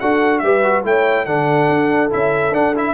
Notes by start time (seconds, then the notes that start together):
0.00 D4 F#4 A4 F#5
0.39 G3 G4 B4 E5
0.64 F#4
0.84 A3 E4 C#5 G5
1.26 D3 D4 A4 F#5
1.69 D4
2.10 C#4 E4 E5
2.52 D4 F#5
2.76 E4 E5